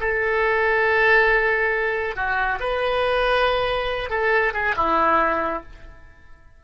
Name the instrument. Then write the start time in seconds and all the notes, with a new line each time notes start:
oboe
0.00 A4
2.16 F#4
2.59 B4
4.09 A4
4.53 G#4
4.76 E4